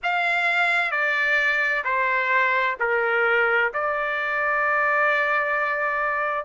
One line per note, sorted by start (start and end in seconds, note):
0.03 0.91 F5
0.91 1.83 D5
1.84 2.76 C5
2.79 3.72 A#4
3.73 6.45 D5